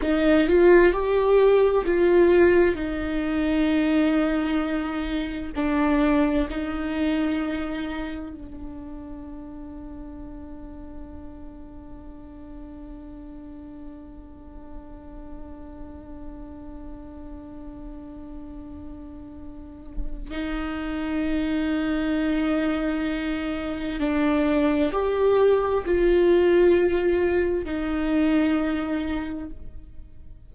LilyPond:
\new Staff \with { instrumentName = "viola" } { \time 4/4 \tempo 4 = 65 dis'8 f'8 g'4 f'4 dis'4~ | dis'2 d'4 dis'4~ | dis'4 d'2.~ | d'1~ |
d'1~ | d'2 dis'2~ | dis'2 d'4 g'4 | f'2 dis'2 | }